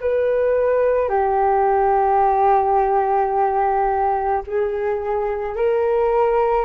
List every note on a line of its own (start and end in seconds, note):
0.00 1.09 B4
1.09 4.42 G4
4.47 5.56 G#4
5.56 6.65 A#4